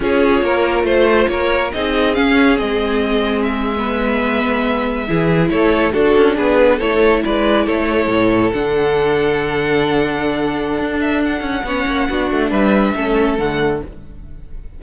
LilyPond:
<<
  \new Staff \with { instrumentName = "violin" } { \time 4/4 \tempo 4 = 139 cis''2 c''4 cis''4 | dis''4 f''4 dis''2 | e''1~ | e''8. cis''4 a'4 b'4 cis''16~ |
cis''8. d''4 cis''2 fis''16~ | fis''1~ | fis''4. e''8 fis''2~ | fis''4 e''2 fis''4 | }
  \new Staff \with { instrumentName = "violin" } { \time 4/4 gis'4 ais'4 c''4 ais'4 | gis'1~ | gis'8. b'2. gis'16~ | gis'8. a'4 fis'4 gis'4 a'16~ |
a'8. b'4 a'2~ a'16~ | a'1~ | a'2. cis''4 | fis'4 b'4 a'2 | }
  \new Staff \with { instrumentName = "viola" } { \time 4/4 f'1 | dis'4 cis'4 c'2~ | c'8. b2. e'16~ | e'4.~ e'16 d'2 e'16~ |
e'2.~ e'8. d'16~ | d'1~ | d'2. cis'4 | d'2 cis'4 a4 | }
  \new Staff \with { instrumentName = "cello" } { \time 4/4 cis'4 ais4 a4 ais4 | c'4 cis'4 gis2~ | gis2.~ gis8. e16~ | e8. a4 d'8 cis'8 b4 a16~ |
a8. gis4 a4 a,4 d16~ | d1~ | d4 d'4. cis'8 b8 ais8 | b8 a8 g4 a4 d4 | }
>>